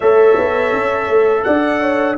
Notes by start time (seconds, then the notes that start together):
0.00 A3 A4 C#5 E5
0.38 B3
0.72 C#4
1.08 A3
1.43 D4 D5 F#5
1.80 C#5